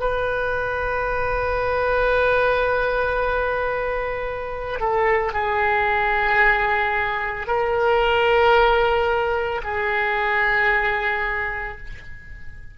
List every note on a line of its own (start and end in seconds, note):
0.00 4.80 B4
4.80 5.33 A4
5.33 7.48 G#4
7.48 9.62 A#4
9.64 11.78 G#4